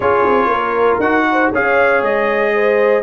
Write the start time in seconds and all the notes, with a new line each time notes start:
0.00 C#4 F4 G#4 C#5
0.26 C4
0.46 A#3 A#4
0.99 D#4 F#4 F#5
1.31 C5
1.51 C#4 G#4 C#5 F5
2.01 G#3 D#5
2.53 C5